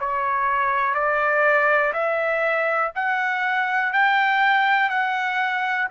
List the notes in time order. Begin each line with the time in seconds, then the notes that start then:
0.00 C#5
0.94 D5
1.93 E5
2.96 F#5
3.93 G5
4.90 F#5